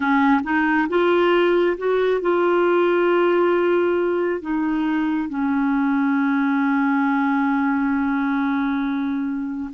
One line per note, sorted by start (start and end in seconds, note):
0.00 0.40 C#4
0.43 0.87 D#4
0.88 1.76 F4
1.77 2.21 F#4
2.21 4.41 F4
4.41 5.29 D#4
5.29 9.70 C#4